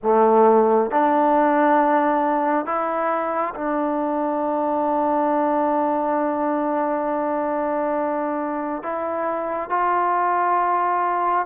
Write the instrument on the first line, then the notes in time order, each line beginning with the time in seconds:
trombone
0.02 A3
0.91 D4
2.65 E4
3.55 D4
8.82 E4
9.69 F4